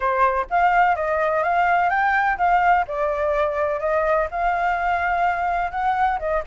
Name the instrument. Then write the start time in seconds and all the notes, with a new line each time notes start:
flute
0.00 C5
0.49 F5
0.95 D#5
1.43 F5
1.89 G5
2.37 F5
2.87 D5
3.80 D#5
4.31 F5
5.71 F#5
6.19 D#5